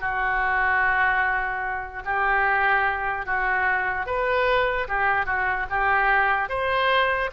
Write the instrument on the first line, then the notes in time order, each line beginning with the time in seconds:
oboe
0.00 F#4
2.05 G4
3.25 F#4
4.06 B4
4.88 G4
5.26 F#4
5.69 G4
6.49 C5